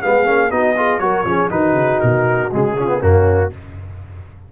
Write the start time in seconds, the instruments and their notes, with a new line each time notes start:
0.00 tuba G#3, trombone B3, horn G#4, trumpet F5
0.25 tuba A#3, trombone C#4
0.50 tuba B3, trombone D#4, horn F#4, trumpet D#5
0.76 trombone F4, horn G#4
0.99 tuba F#3, trombone F#4, horn A#4, trumpet C#5
1.25 tuba F3, trombone C#4, horn G#4
1.50 tuba D#3, trombone D#4, horn F#4, trumpet B4
1.73 tuba C#3
2.00 tuba B2, trumpet A#4
2.52 tuba C#3, trombone G#3, trumpet G#4
2.77 trombone C#4, horn F4
2.87 trombone B3
3.00 tuba F#2, trombone A#3, horn C#4, trumpet F#4